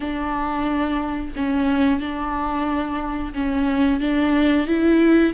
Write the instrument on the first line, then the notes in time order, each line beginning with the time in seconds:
viola
0.00 D4
1.35 C#4
2.00 D4
3.33 C#4
4.00 D4
4.67 E4